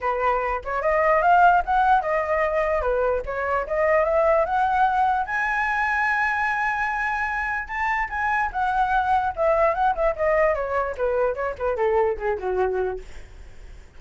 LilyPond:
\new Staff \with { instrumentName = "flute" } { \time 4/4 \tempo 4 = 148 b'4. cis''8 dis''4 f''4 | fis''4 dis''2 b'4 | cis''4 dis''4 e''4 fis''4~ | fis''4 gis''2.~ |
gis''2. a''4 | gis''4 fis''2 e''4 | fis''8 e''8 dis''4 cis''4 b'4 | cis''8 b'8 a'4 gis'8 fis'4. | }